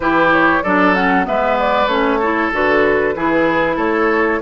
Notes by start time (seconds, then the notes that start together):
0.00 E3 E4 G4 B4
0.31 C#5
0.63 F#3 D4 A4 D5
0.94 C#4 F#5
1.24 G#3 B3 B4 E5
1.59 D5
1.86 A3 C#4 C#5
2.19 E4 A4
2.52 D3 F#4 B4
3.15 E3 E4 G#4
3.76 A3 A4 C#5